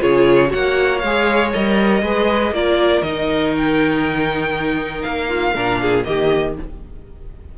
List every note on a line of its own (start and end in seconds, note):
0.00 0.53 C#3
0.00 0.48 F4
0.00 0.50 G#4
0.00 0.51 C#5
0.48 0.98 F#4
0.48 2.01 C#5
0.48 0.98 F#5
0.54 1.03 A#3
0.98 1.53 G#3
0.98 1.49 F5
1.05 1.53 G#4
1.53 2.02 G3
1.53 2.02 A#4
1.53 2.54 D#5
2.02 2.51 G#3
2.02 2.53 G#4
2.02 2.53 B4
2.51 3.01 A#3
2.51 3.04 F4
2.51 5.28 A#4
2.51 3.02 D5
3.02 5.04 D#3
3.02 5.55 D#4
3.02 3.52 D#5
3.56 5.02 G5
5.02 5.54 A#3
5.02 6.03 F5
5.28 5.53 F4
5.54 6.05 A#2
5.54 6.04 D4
5.54 5.80 A#4
5.81 6.06 G#4
6.04 6.58 D#3
6.04 6.54 A#3
6.04 6.57 G4
6.04 6.54 D#5